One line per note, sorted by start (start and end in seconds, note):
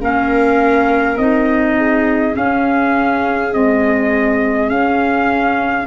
0.00 1.17 A#3
0.00 1.18 C#4
0.00 1.76 A#4
0.00 1.18 F5
1.17 2.34 C4
1.17 2.33 D#4
1.17 2.35 D#5
1.76 5.87 G#4
2.33 3.51 C#4
2.33 3.53 C#4
2.33 3.53 F5
3.53 4.70 G#3
3.53 4.70 C4
3.53 4.70 D#5
4.70 5.87 C#4
4.70 5.87 F5